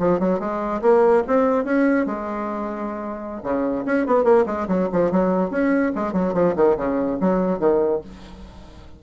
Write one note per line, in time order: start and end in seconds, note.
0.00 0.20 F3
0.20 0.40 F#3
0.40 0.82 G#3
0.82 1.24 A#3
1.28 1.65 C4
1.65 2.07 C#4
2.07 3.42 G#3
3.44 3.86 C#3
3.86 4.07 C#4
4.07 4.25 B3
4.25 4.45 A#3
4.47 4.68 G#3
4.69 4.89 F#3
4.93 5.12 F3
5.12 5.51 F#3
5.51 5.93 C#4
5.96 6.13 G#3
6.13 6.34 F#3
6.34 6.55 F3
6.56 6.77 D#3
6.78 7.19 C#3
7.21 7.60 F#3
7.60 8.01 D#3